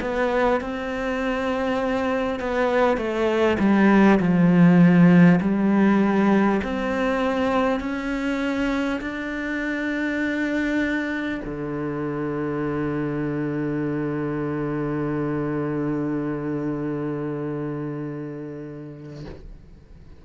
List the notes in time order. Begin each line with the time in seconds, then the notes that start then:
0.00 B3
0.60 C4
2.39 B3
2.97 A3
3.59 G3
4.19 F3
5.40 G3
6.63 C4
7.80 C#4
9.00 D4
11.45 D3